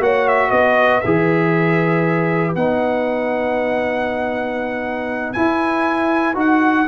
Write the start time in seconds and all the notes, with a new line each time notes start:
0.00 A#3 F#4 C#5 F#5
0.28 E5
0.48 B3 B4 D#5
1.01 E3 G#4 E5
2.55 B3 D#4 F#5
5.33 E4 G#5
6.35 D#4 F#4 F#5